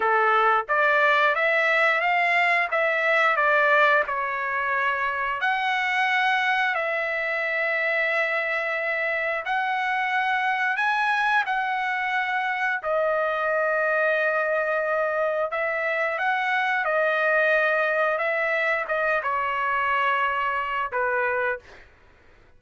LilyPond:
\new Staff \with { instrumentName = "trumpet" } { \time 4/4 \tempo 4 = 89 a'4 d''4 e''4 f''4 | e''4 d''4 cis''2 | fis''2 e''2~ | e''2 fis''2 |
gis''4 fis''2 dis''4~ | dis''2. e''4 | fis''4 dis''2 e''4 | dis''8 cis''2~ cis''8 b'4 | }